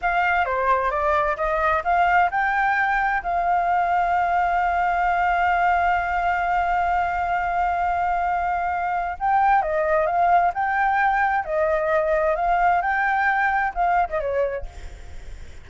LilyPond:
\new Staff \with { instrumentName = "flute" } { \time 4/4 \tempo 4 = 131 f''4 c''4 d''4 dis''4 | f''4 g''2 f''4~ | f''1~ | f''1~ |
f''1 | g''4 dis''4 f''4 g''4~ | g''4 dis''2 f''4 | g''2 f''8. dis''16 cis''4 | }